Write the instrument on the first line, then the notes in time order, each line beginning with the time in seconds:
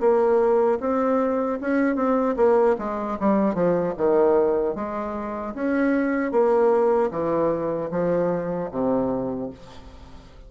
bassoon
0.00 A#3
0.80 C4
1.61 C#4
1.96 C4
2.36 A#3
2.78 G#3
3.20 G3
3.55 F3
3.97 D#3
4.75 G#3
5.54 C#4
6.32 A#3
7.11 E3
7.91 F3
8.71 C3